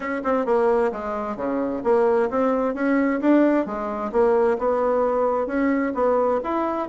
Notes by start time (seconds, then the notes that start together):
0.00 C#4
0.24 C4
0.45 A#3
0.92 G#3
1.36 C#3
1.83 A#3
2.30 C4
2.74 C#4
3.20 D4
3.65 G#3
4.11 A#3
4.58 B3
5.46 C#4
5.94 B3
6.43 E4